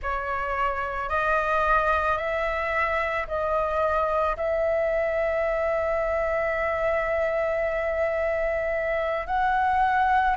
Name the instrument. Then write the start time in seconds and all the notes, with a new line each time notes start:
flute
0.02 C#5
1.09 D#5
2.17 E5
3.27 D#5
4.36 E5
9.26 F#5